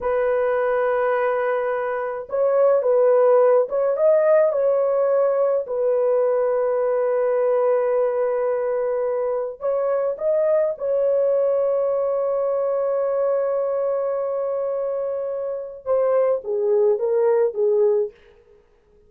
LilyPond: \new Staff \with { instrumentName = "horn" } { \time 4/4 \tempo 4 = 106 b'1 | cis''4 b'4. cis''8 dis''4 | cis''2 b'2~ | b'1~ |
b'4 cis''4 dis''4 cis''4~ | cis''1~ | cis''1 | c''4 gis'4 ais'4 gis'4 | }